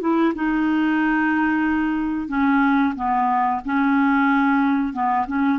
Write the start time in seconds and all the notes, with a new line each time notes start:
0.00 E4
0.34 D#4
2.28 C#4
2.95 B3
3.65 C#4
4.93 B3
5.27 C#4